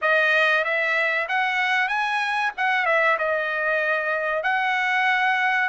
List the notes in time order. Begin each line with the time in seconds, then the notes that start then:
0.01 D#5
0.64 E5
1.28 F#5
1.88 G#5
2.57 F#5
2.85 E5
3.18 D#5
4.43 F#5